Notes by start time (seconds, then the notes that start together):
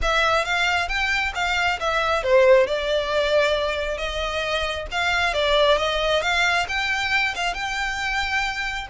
0.02 E5
0.44 F5
0.88 G5
1.34 F5
1.80 E5
2.23 C5
2.67 D5
3.97 D#5
4.91 F5
5.33 D5
5.77 D#5
6.22 F5
6.68 G5
7.35 F5
7.53 G5